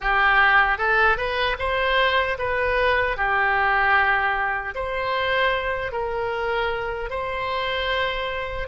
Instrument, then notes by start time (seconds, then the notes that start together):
oboe
0.00 G4
0.78 A4
1.17 B4
1.58 C5
2.38 B4
3.16 G4
4.74 C5
5.92 A#4
7.10 C5